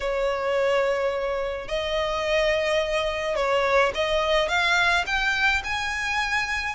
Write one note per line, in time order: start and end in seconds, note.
0.00 1.68 C#5
1.68 3.36 D#5
3.36 3.92 C#5
3.94 4.48 D#5
4.48 5.04 F5
5.06 5.62 G5
5.64 6.75 G#5